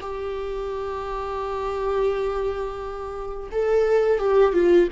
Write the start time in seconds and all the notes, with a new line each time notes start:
0.00 G4
3.51 A4
4.18 G4
4.53 F4